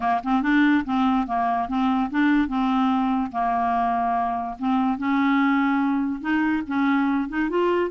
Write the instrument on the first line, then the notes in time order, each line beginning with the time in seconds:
clarinet
0.00 A#3
0.23 C4
0.42 D4
0.84 C4
1.26 A#3
1.68 C4
2.10 D4
2.48 C4
3.31 A#3
4.59 C4
4.98 C#4
6.21 D#4
6.67 C#4
7.28 D#4
7.49 F4